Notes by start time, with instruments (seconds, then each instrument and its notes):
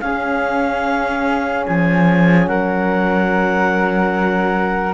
0.00 cello C#4, horn C#4, flute G#4, clarinet F5
1.66 cello F3, clarinet G#5
2.47 cello F#3, flute A#4, clarinet F#5